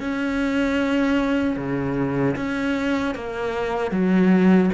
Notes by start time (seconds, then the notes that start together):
0.00 C#4
1.56 C#3
2.36 C#4
3.15 A#3
3.91 F#3